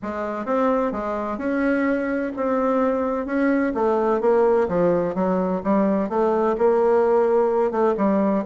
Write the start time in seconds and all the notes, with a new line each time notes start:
0.02 G#3
0.45 C4
0.92 G#3
1.38 C#4
2.36 C4
3.26 C#4
3.74 A3
4.20 A#3
4.68 F3
5.14 F#3
5.63 G3
6.09 A3
6.58 A#3
7.71 A3
7.97 G3